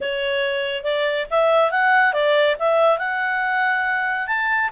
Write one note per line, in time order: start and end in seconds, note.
0.00 0.83 C#5
0.83 1.26 D5
1.30 1.71 E5
1.71 2.13 F#5
2.13 2.56 D5
2.59 2.98 E5
2.98 4.27 F#5
4.27 4.70 A5